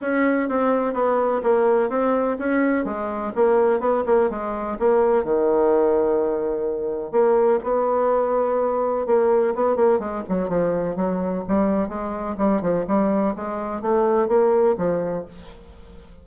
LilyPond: \new Staff \with { instrumentName = "bassoon" } { \time 4/4 \tempo 4 = 126 cis'4 c'4 b4 ais4 | c'4 cis'4 gis4 ais4 | b8 ais8 gis4 ais4 dis4~ | dis2. ais4 |
b2. ais4 | b8 ais8 gis8 fis8 f4 fis4 | g4 gis4 g8 f8 g4 | gis4 a4 ais4 f4 | }